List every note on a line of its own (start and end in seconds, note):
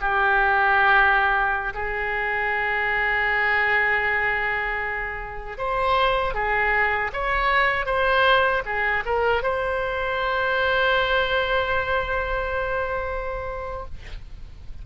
0.00 1.73 G4
1.74 5.58 G#4
5.58 6.34 C5
6.34 7.11 G#4
7.13 7.85 C#5
7.85 8.62 C5
8.65 9.03 G#4
9.05 9.42 A#4
9.42 13.85 C5